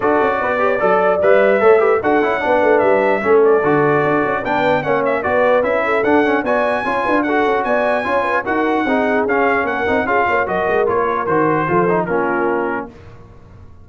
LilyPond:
<<
  \new Staff \with { instrumentName = "trumpet" } { \time 4/4 \tempo 4 = 149 d''2. e''4~ | e''4 fis''2 e''4~ | e''8 d''2~ d''8 g''4 | fis''8 e''8 d''4 e''4 fis''4 |
gis''2 fis''4 gis''4~ | gis''4 fis''2 f''4 | fis''4 f''4 dis''4 cis''4 | c''2 ais'2 | }
  \new Staff \with { instrumentName = "horn" } { \time 4/4 a'4 b'8 cis''8 d''2 | cis''8 b'8 a'4 b'2 | a'2. b'4 | cis''4 b'4. a'4. |
d''4 cis''8 b'8 a'4 d''4 | cis''8 b'8 ais'4 gis'2 | ais'4 gis'8 cis''8 ais'2~ | ais'4 a'4 f'2 | }
  \new Staff \with { instrumentName = "trombone" } { \time 4/4 fis'4. g'8 a'4 b'4 | a'8 g'8 fis'8 e'8 d'2 | cis'4 fis'2 d'4 | cis'4 fis'4 e'4 d'8 cis'8 |
fis'4 f'4 fis'2 | f'4 fis'4 dis'4 cis'4~ | cis'8 dis'8 f'4 fis'4 f'4 | fis'4 f'8 dis'8 cis'2 | }
  \new Staff \with { instrumentName = "tuba" } { \time 4/4 d'8 cis'8 b4 fis4 g4 | a4 d'8 cis'8 b8 a8 g4 | a4 d4 d'8 cis'8 b4 | ais4 b4 cis'4 d'4 |
b4 cis'8 d'4 cis'8 b4 | cis'4 dis'4 c'4 cis'4 | ais8 c'8 cis'8 ais8 fis8 gis8 ais4 | dis4 f4 ais2 | }
>>